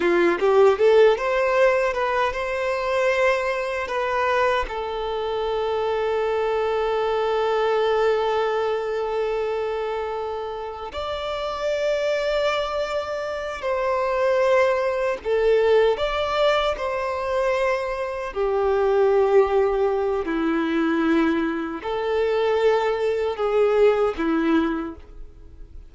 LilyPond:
\new Staff \with { instrumentName = "violin" } { \time 4/4 \tempo 4 = 77 f'8 g'8 a'8 c''4 b'8 c''4~ | c''4 b'4 a'2~ | a'1~ | a'2 d''2~ |
d''4. c''2 a'8~ | a'8 d''4 c''2 g'8~ | g'2 e'2 | a'2 gis'4 e'4 | }